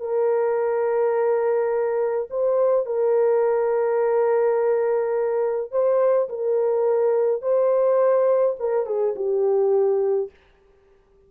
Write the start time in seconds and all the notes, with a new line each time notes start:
0.00 A#4
2.31 C5
2.86 A#4
5.72 C5
6.29 A#4
7.42 C5
8.60 A#4
8.86 G#4
9.16 G4